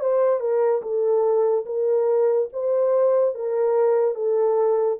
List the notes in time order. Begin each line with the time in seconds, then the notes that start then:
0.00 C5
0.40 A#4
0.82 A4
1.66 A#4
2.53 C5
3.35 A#4
4.15 A4